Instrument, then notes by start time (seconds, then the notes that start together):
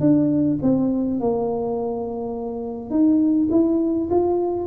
tuba
0.00 D4
0.62 C4
1.20 A#3
2.90 D#4
3.50 E4
4.10 F4